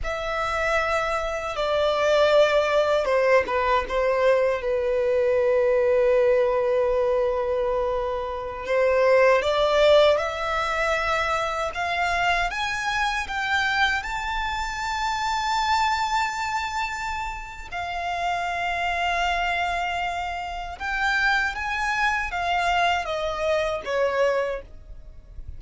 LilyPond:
\new Staff \with { instrumentName = "violin" } { \time 4/4 \tempo 4 = 78 e''2 d''2 | c''8 b'8 c''4 b'2~ | b'2.~ b'16 c''8.~ | c''16 d''4 e''2 f''8.~ |
f''16 gis''4 g''4 a''4.~ a''16~ | a''2. f''4~ | f''2. g''4 | gis''4 f''4 dis''4 cis''4 | }